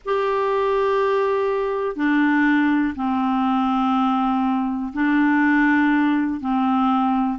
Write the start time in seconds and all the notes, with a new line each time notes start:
0.05 G4
1.96 D4
2.95 C4
4.93 D4
6.40 C4